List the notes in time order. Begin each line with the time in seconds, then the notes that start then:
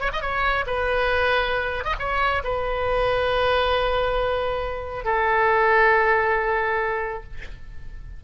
0.00 C#5
0.13 D#5
0.21 C#5
0.66 B4
1.84 D#5
1.99 C#5
2.44 B4
5.05 A4